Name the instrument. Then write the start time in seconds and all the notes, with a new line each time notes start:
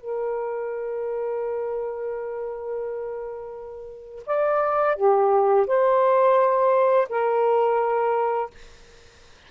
saxophone
0.00 A#4
4.26 D5
4.96 G4
5.67 C5
7.09 A#4